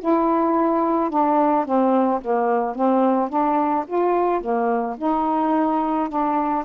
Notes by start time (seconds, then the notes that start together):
0.00 E4
1.10 D4
1.65 C4
2.21 A#3
2.75 C4
3.29 D4
3.87 F4
4.41 A#3
4.97 D#4
6.09 D4